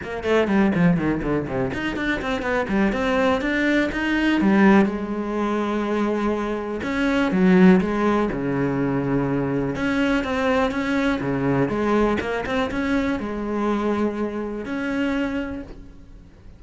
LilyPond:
\new Staff \with { instrumentName = "cello" } { \time 4/4 \tempo 4 = 123 ais8 a8 g8 f8 dis8 d8 c8 dis'8 | d'8 c'8 b8 g8 c'4 d'4 | dis'4 g4 gis2~ | gis2 cis'4 fis4 |
gis4 cis2. | cis'4 c'4 cis'4 cis4 | gis4 ais8 c'8 cis'4 gis4~ | gis2 cis'2 | }